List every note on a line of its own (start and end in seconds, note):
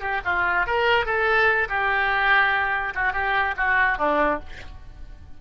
0.00 0.21 G4
0.25 0.66 F4
0.66 1.05 A#4
1.05 1.68 A4
1.69 2.94 G4
2.95 3.13 F#4
3.13 3.55 G4
3.57 3.98 F#4
3.98 4.40 D4